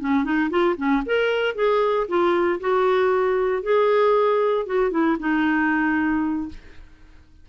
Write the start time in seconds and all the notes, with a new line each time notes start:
0.00 C#4
0.24 D#4
0.50 F4
0.77 C#4
1.06 A#4
1.55 G#4
2.08 F4
2.60 F#4
3.63 G#4
4.66 F#4
4.91 E4
5.19 D#4